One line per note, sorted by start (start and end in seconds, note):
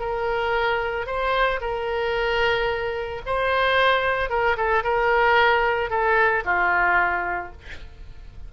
0.00 1.07 A#4
1.07 1.60 C5
1.61 3.22 A#4
3.27 4.30 C5
4.30 4.57 A#4
4.57 4.84 A4
4.84 5.91 A#4
5.91 6.44 A4
6.46 7.53 F4